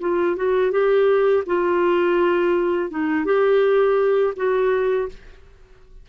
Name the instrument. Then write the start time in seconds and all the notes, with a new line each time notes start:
clarinet
0.00 F4
0.36 F#4
0.72 G4
1.46 F4
2.90 D#4
3.25 G4
4.36 F#4